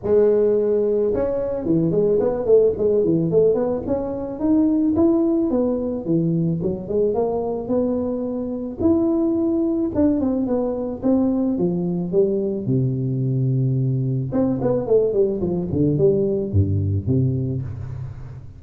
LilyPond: \new Staff \with { instrumentName = "tuba" } { \time 4/4 \tempo 4 = 109 gis2 cis'4 e8 gis8 | b8 a8 gis8 e8 a8 b8 cis'4 | dis'4 e'4 b4 e4 | fis8 gis8 ais4 b2 |
e'2 d'8 c'8 b4 | c'4 f4 g4 c4~ | c2 c'8 b8 a8 g8 | f8 d8 g4 g,4 c4 | }